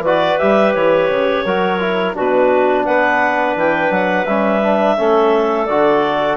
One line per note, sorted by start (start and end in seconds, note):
0.00 0.35 E3
0.00 0.40 F#4
0.00 1.45 B4
0.00 0.39 D5
0.39 0.75 G3
0.39 1.46 G4
0.39 0.74 E5
0.74 1.09 E3
0.74 2.15 C#5
1.09 1.45 C#3
1.45 2.16 F#3
1.45 1.80 F#4
1.45 2.16 A#4
1.80 2.15 E4
2.15 2.88 B2
2.15 4.26 D4
2.15 2.85 F#4
2.15 2.85 B4
2.85 3.56 B3
2.85 4.97 B4
2.85 3.56 F#5
3.56 3.91 E3
3.56 3.92 G5
3.91 4.26 F#3
3.91 4.26 F#5
4.26 4.97 G3
4.26 4.63 C#4
4.26 5.66 E5
4.63 4.97 D4
4.97 5.69 A3
4.97 5.68 C#4
4.97 6.38 A4
5.66 6.38 D3
5.66 6.38 F#4
5.66 6.37 D5